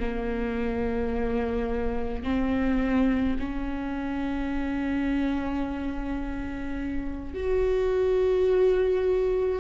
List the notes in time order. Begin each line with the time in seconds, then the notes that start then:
0.00 A#3
2.24 C4
3.40 C#4
7.34 F#4